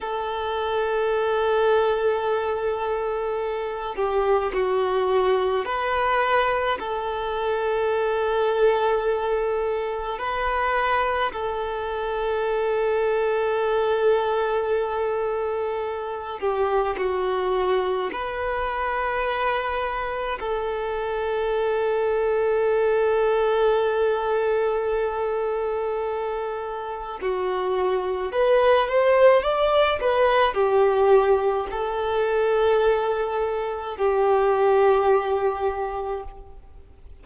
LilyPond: \new Staff \with { instrumentName = "violin" } { \time 4/4 \tempo 4 = 53 a'2.~ a'8 g'8 | fis'4 b'4 a'2~ | a'4 b'4 a'2~ | a'2~ a'8 g'8 fis'4 |
b'2 a'2~ | a'1 | fis'4 b'8 c''8 d''8 b'8 g'4 | a'2 g'2 | }